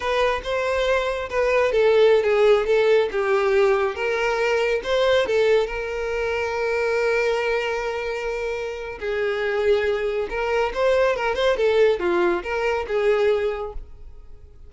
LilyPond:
\new Staff \with { instrumentName = "violin" } { \time 4/4 \tempo 4 = 140 b'4 c''2 b'4 | a'4~ a'16 gis'4 a'4 g'8.~ | g'4~ g'16 ais'2 c''8.~ | c''16 a'4 ais'2~ ais'8.~ |
ais'1~ | ais'4 gis'2. | ais'4 c''4 ais'8 c''8 a'4 | f'4 ais'4 gis'2 | }